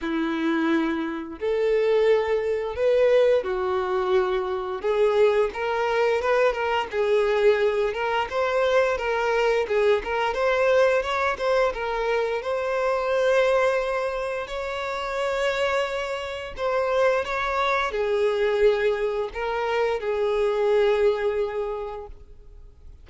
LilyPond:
\new Staff \with { instrumentName = "violin" } { \time 4/4 \tempo 4 = 87 e'2 a'2 | b'4 fis'2 gis'4 | ais'4 b'8 ais'8 gis'4. ais'8 | c''4 ais'4 gis'8 ais'8 c''4 |
cis''8 c''8 ais'4 c''2~ | c''4 cis''2. | c''4 cis''4 gis'2 | ais'4 gis'2. | }